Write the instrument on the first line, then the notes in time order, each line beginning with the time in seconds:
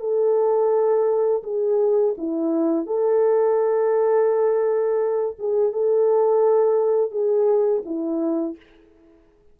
horn
0.00 A4
1.44 G#4
2.18 E4
2.86 A4
5.39 G#4
5.72 A4
7.11 G#4
7.85 E4